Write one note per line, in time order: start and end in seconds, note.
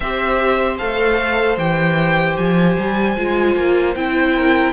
0.00 0.79 C4
0.00 0.78 G4
0.00 4.34 C5
0.00 0.77 E5
0.78 1.57 A3
0.78 1.57 A4
0.78 1.57 F5
1.57 2.36 E3
1.57 3.15 G4
1.57 2.36 G5
2.36 2.77 F3
2.36 3.94 G#5
2.77 3.17 G3
3.16 3.56 G#3
3.16 3.95 F4
3.56 3.95 A#3
3.95 4.73 C4
3.95 4.73 E4
3.95 4.73 G5
4.34 4.73 A#4